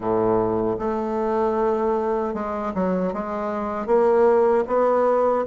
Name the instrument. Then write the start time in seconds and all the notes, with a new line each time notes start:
bassoon
0.00 A2
0.78 A3
2.33 G#3
2.74 F#3
3.13 G#3
3.86 A#3
4.67 B3